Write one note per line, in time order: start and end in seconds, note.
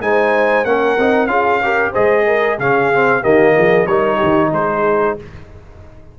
0.00 0.64 G#3
0.00 0.65 D#4
0.00 0.67 C5
0.00 0.65 G#5
0.64 0.96 A#3
0.64 0.97 C#4
0.64 1.30 A#4
0.64 1.26 F#5
0.98 1.26 C4
0.98 1.28 D#4
1.26 1.91 C#4
1.26 1.60 F4
1.26 1.62 G#4
1.26 1.91 F5
1.62 1.94 G4
1.62 1.91 A#4
1.91 2.58 G#3
1.91 2.58 G#4
1.91 2.24 C5
1.91 2.59 D#5
2.26 2.57 A#4
2.57 3.23 C#3
2.57 2.93 C#4
2.57 3.21 G#4
2.57 3.23 F5
2.93 3.22 C4
3.21 3.56 D#3
3.21 3.87 A#3
3.21 3.53 G4
3.21 3.86 D#5
3.56 3.86 F3
3.56 3.88 G#4
3.86 4.19 G3
3.86 5.18 D#4
3.86 4.16 A#4
3.86 4.50 C#5
4.16 4.48 G4
4.22 4.51 D#3
4.51 5.15 G#3
4.51 5.16 G#4
4.51 5.18 C5